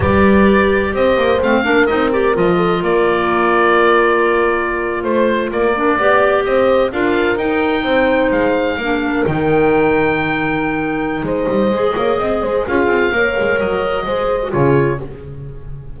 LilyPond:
<<
  \new Staff \with { instrumentName = "oboe" } { \time 4/4 \tempo 4 = 128 d''2 dis''4 f''4 | dis''8 d''8 dis''4 d''2~ | d''2~ d''8. c''4 d''16~ | d''4.~ d''16 dis''4 f''4 g''16~ |
g''4.~ g''16 f''2 g''16~ | g''1 | dis''2. f''4~ | f''4 dis''2 cis''4 | }
  \new Staff \with { instrumentName = "horn" } { \time 4/4 b'2 c''4. ais'8~ | ais'4. a'8 ais'2~ | ais'2~ ais'8. c''4 ais'16~ | ais'8. d''4 c''4 ais'4~ ais'16~ |
ais'8. c''2 ais'4~ ais'16~ | ais'1 | c''4. cis''8 dis''8 c''8 gis'4 | cis''2 c''4 gis'4 | }
  \new Staff \with { instrumentName = "clarinet" } { \time 4/4 g'2. c'8 d'8 | dis'8 g'8 f'2.~ | f'1~ | f'16 d'8 g'2 f'4 dis'16~ |
dis'2~ dis'8. d'4 dis'16~ | dis'1~ | dis'4 gis'2 f'4 | ais'2 gis'8. fis'16 f'4 | }
  \new Staff \with { instrumentName = "double bass" } { \time 4/4 g2 c'8 ais8 a8 ais8 | c'4 f4 ais2~ | ais2~ ais8. a4 ais16~ | ais8. b4 c'4 d'4 dis'16~ |
dis'8. c'4 gis4 ais4 dis16~ | dis1 | gis8 g8 gis8 ais8 c'8 gis8 cis'8 c'8 | ais8 gis8 fis4 gis4 cis4 | }
>>